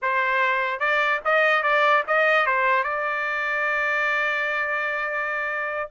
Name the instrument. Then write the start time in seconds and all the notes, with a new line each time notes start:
trumpet
0.02 C5
0.79 D5
1.24 D#5
1.63 D5
2.07 D#5
2.46 C5
2.83 D5